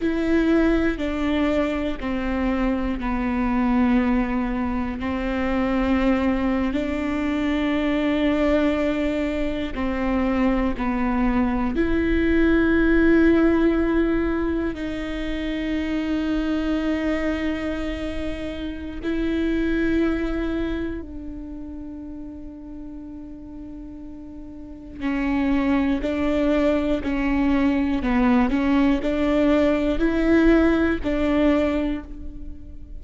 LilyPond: \new Staff \with { instrumentName = "viola" } { \time 4/4 \tempo 4 = 60 e'4 d'4 c'4 b4~ | b4 c'4.~ c'16 d'4~ d'16~ | d'4.~ d'16 c'4 b4 e'16~ | e'2~ e'8. dis'4~ dis'16~ |
dis'2. e'4~ | e'4 d'2.~ | d'4 cis'4 d'4 cis'4 | b8 cis'8 d'4 e'4 d'4 | }